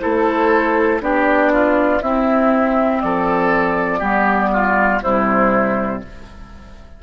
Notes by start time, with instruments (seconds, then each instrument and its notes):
0.00 bassoon A3, clarinet E4, oboe A4, flute C5
1.01 bassoon B3, clarinet D4, oboe G4, flute D5
1.53 oboe F4
2.02 bassoon C4, clarinet C4, oboe E4, flute E5
3.01 bassoon F3, oboe A4, flute D5
4.00 bassoon G3, clarinet B3, oboe G4
4.53 oboe F4
5.03 bassoon C3, clarinet G3, oboe E4, flute C5